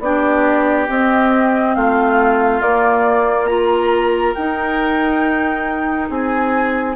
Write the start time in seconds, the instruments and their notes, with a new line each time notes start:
0.00 bassoon B3, clarinet D4, oboe G4, flute D5
0.88 clarinet C4, bassoon C4, flute D#5
1.75 bassoon A3, oboe F4, flute F5
2.62 bassoon A#3, clarinet A#3, flute D5
3.47 clarinet F4, oboe A#4, flute A#5
4.35 bassoon D#4, clarinet D#4, flute G5
6.10 bassoon C4, oboe G#4, flute G#5